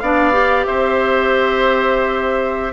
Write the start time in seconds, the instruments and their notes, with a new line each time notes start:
0.00 bassoon B3, clarinet D4, oboe D5, flute F5
0.32 clarinet G4
0.65 bassoon C4, oboe C5, flute E5